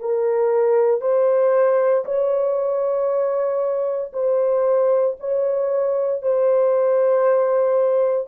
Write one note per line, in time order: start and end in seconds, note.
0.00 1.02 A#4
1.02 2.05 C5
2.05 4.12 C#5
4.14 5.17 C5
5.21 6.23 C#5
6.23 8.28 C5